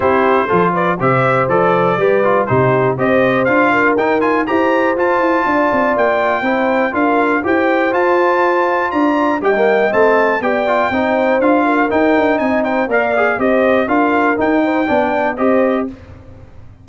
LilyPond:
<<
  \new Staff \with { instrumentName = "trumpet" } { \time 4/4 \tempo 4 = 121 c''4. d''8 e''4 d''4~ | d''4 c''4 dis''4 f''4 | g''8 gis''8 ais''4 a''2 | g''2 f''4 g''4 |
a''2 ais''4 g''4 | a''4 g''2 f''4 | g''4 gis''8 g''8 f''4 dis''4 | f''4 g''2 dis''4 | }
  \new Staff \with { instrumentName = "horn" } { \time 4/4 g'4 a'8 b'8 c''2 | b'4 g'4 c''4. ais'8~ | ais'4 c''2 d''4~ | d''4 c''4 ais'4 c''4~ |
c''2 d''4 dis''4~ | dis''4 d''4 c''4. ais'8~ | ais'4 dis''8 c''8 d''4 c''4 | ais'4. c''8 d''4 c''4 | }
  \new Staff \with { instrumentName = "trombone" } { \time 4/4 e'4 f'4 g'4 a'4 | g'8 f'8 dis'4 g'4 f'4 | dis'8 f'8 g'4 f'2~ | f'4 e'4 f'4 g'4 |
f'2. g'16 ais8. | c'4 g'8 f'8 dis'4 f'4 | dis'2 ais'8 gis'8 g'4 | f'4 dis'4 d'4 g'4 | }
  \new Staff \with { instrumentName = "tuba" } { \time 4/4 c'4 f4 c4 f4 | g4 c4 c'4 d'4 | dis'4 e'4 f'8 e'8 d'8 c'8 | ais4 c'4 d'4 e'4 |
f'2 d'4 g4 | a4 b4 c'4 d'4 | dis'8 d'8 c'4 ais4 c'4 | d'4 dis'4 b4 c'4 | }
>>